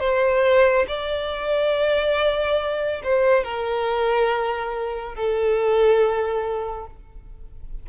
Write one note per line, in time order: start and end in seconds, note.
0.00 0.86 C5
0.88 3.02 D5
3.04 3.44 C5
3.44 5.15 A#4
5.15 6.87 A4